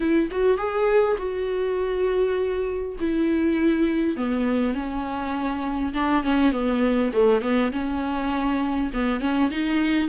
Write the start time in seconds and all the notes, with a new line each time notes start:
0.00 E4
0.31 F#4
0.57 G#4
1.17 F#4
2.99 E4
4.16 B3
4.74 C#4
5.93 D4
6.23 C#4
6.52 B3
7.13 A3
7.41 B3
7.71 C#4
8.93 B3
9.20 C#4
9.50 D#4